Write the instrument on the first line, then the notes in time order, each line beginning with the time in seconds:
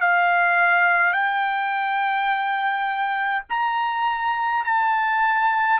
trumpet
0.00 F5
1.13 G5
3.49 A#5
4.64 A5